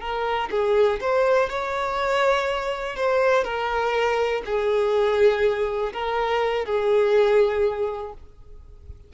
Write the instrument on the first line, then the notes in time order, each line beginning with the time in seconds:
violin
0.00 A#4
0.50 G#4
1.00 C5
1.49 C#5
2.96 C5
3.44 A#4
4.45 G#4
5.93 A#4
6.65 G#4